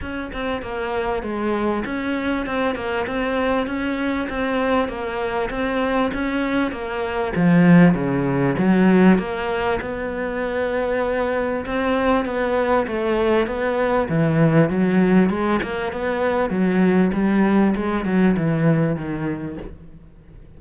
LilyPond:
\new Staff \with { instrumentName = "cello" } { \time 4/4 \tempo 4 = 98 cis'8 c'8 ais4 gis4 cis'4 | c'8 ais8 c'4 cis'4 c'4 | ais4 c'4 cis'4 ais4 | f4 cis4 fis4 ais4 |
b2. c'4 | b4 a4 b4 e4 | fis4 gis8 ais8 b4 fis4 | g4 gis8 fis8 e4 dis4 | }